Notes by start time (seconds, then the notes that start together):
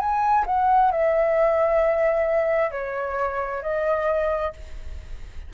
0.00 G#5
0.47 F#5
0.92 E5
2.71 C#5
3.63 D#5